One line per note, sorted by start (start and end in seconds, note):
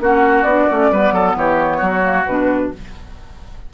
0.00 0.44 A#3
0.00 0.47 C#4
0.00 0.92 F#4
0.00 0.43 F#5
0.43 0.66 B3
0.43 0.71 D4
0.43 1.33 D5
0.71 0.92 A3
0.71 0.93 C#4
0.92 1.12 G3
0.92 2.02 B3
0.92 1.14 B4
1.12 1.35 F#3
1.12 1.37 A4
1.37 1.81 E3
1.37 1.78 G4
1.37 2.27 C#5
1.78 2.26 F#3
1.78 2.67 F#4
2.02 2.25 A#3
2.27 2.71 B2
2.27 2.74 D4
2.27 2.71 B4